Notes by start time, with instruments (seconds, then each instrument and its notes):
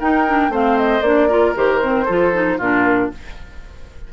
0.00 clarinet D#4, bassoon D#4, oboe A#4, flute G5
0.27 clarinet D4
0.49 bassoon A3, clarinet C4, oboe C5, flute F5
0.78 flute D#5
1.02 bassoon A#3, clarinet D4, flute D5
1.29 clarinet F4, oboe A#4
1.56 bassoon D#3, clarinet G4, flute C5
1.81 clarinet C4
2.06 bassoon F3, clarinet F4, oboe A4
2.33 clarinet D#4
2.58 bassoon A#2, clarinet D4, oboe F4, flute A#4